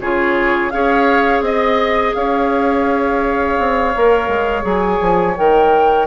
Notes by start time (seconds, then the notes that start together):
0.00 C#3 F4 G#4 C#5
0.70 C#4 G#4 C#5 F5
1.41 C4 D#5
2.14 C#4 C#5 F5
3.58 C4
3.94 A#3 A#4
4.28 G#3
4.62 F#3 G#4 G#5
5.00 F3
5.36 D#3 A#4 G5